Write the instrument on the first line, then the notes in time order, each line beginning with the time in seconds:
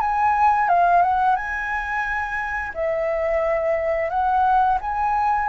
flute
0.00 G#5
0.68 F5
1.02 F#5
1.35 G#5
2.74 E5
4.10 F#5
4.81 G#5